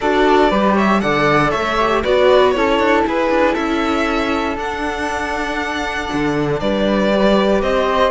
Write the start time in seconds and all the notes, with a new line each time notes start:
0.00 D4 F#4 A4 D5
0.50 G3 G4 B4
0.74 C#5 E5
0.99 D3 A4 D5 F#5
1.50 A3 C#5 E5
1.79 G4
2.03 B3 F#4 B4 D5
2.51 C#4 E4 A4 C#5
2.79 D4
3.06 E4 G#4 B4
3.29 D4
3.53 C#4 A4 E5
4.56 D4 F#5
6.12 D3
6.60 G3 B4 D5
7.14 G4
7.61 C4 C5 D#5